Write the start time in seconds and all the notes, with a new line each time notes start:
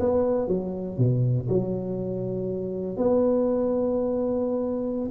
0.00 B3
0.48 F#3
0.98 B2
1.49 F#3
2.97 B3